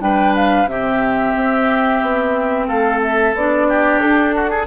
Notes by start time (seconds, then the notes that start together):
0.00 G3 D4 B4 G5
0.35 F5
0.65 C3 C4 G4 E5
1.35 C4
2.01 B3
2.67 A3 A4 F5
3.02 E5
3.34 B3 D4 D5
3.68 G4
4.00 D4 A4
4.35 F#4
4.50 G#4